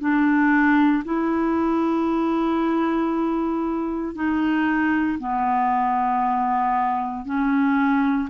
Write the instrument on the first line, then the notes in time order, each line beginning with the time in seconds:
clarinet
0.00 D4
1.05 E4
4.15 D#4
5.19 B3
7.26 C#4